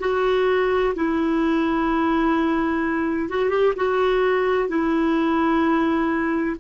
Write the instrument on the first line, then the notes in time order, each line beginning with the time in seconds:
clarinet
0.00 F#4
0.95 E4
3.30 F#4
3.50 G4
3.76 F#4
4.69 E4